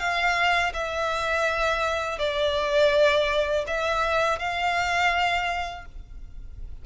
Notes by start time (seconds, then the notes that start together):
0.00 F5
0.74 E5
2.19 D5
3.68 E5
4.39 F5